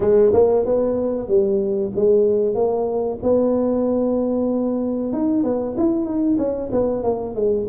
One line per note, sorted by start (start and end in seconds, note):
0.00 0.32 G#3
0.33 0.65 A#3
0.65 1.28 B3
1.28 1.91 G3
1.95 2.54 G#3
2.54 3.18 A#3
3.22 5.12 B3
5.12 5.43 D#4
5.43 5.75 B3
5.77 6.05 E4
6.05 6.37 D#4
6.38 6.70 C#4
6.71 7.03 B3
7.03 7.35 A#3
7.35 7.67 G#3